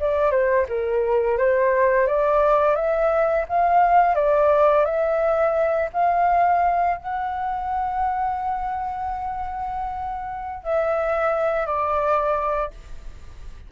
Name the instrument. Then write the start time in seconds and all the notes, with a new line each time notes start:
flute
0.00 D5
0.31 C5
0.69 A#4
1.38 C5
2.07 D5
2.76 E5
3.49 F5
4.15 D5
4.85 E5
5.93 F5
6.97 F#5
10.63 E5
11.66 D5